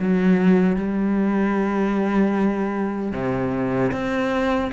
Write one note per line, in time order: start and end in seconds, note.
0.00 0.77 F#3
0.77 3.13 G3
3.13 3.92 C3
3.93 4.72 C4